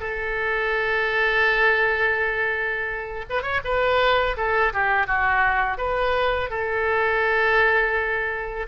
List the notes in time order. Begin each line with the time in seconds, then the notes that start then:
0.00 A4
3.30 B4
3.42 C#5
3.64 B4
4.37 A4
4.73 G4
5.07 F#4
5.77 B4
6.50 A4